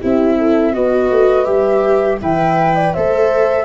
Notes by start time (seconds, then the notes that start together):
0.00 C4 E4 G4 E5
0.38 A4
0.74 B3 F#4 B4 D#5
1.11 A3
1.45 G3 G4 E5
2.22 E3 B4 E5 G5
2.76 D5
2.94 A3 A4 C5 E5